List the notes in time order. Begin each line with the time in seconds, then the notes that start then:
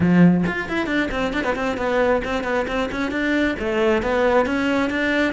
0.00 F3
0.47 F4
0.68 E4
0.86 D4
1.11 C4
1.33 D4
1.43 B3
1.55 C4
1.77 B3
2.24 C4
2.43 B3
2.67 C4
2.91 C#4
3.11 D4
3.59 A3
4.02 B3
4.46 C#4
4.90 D4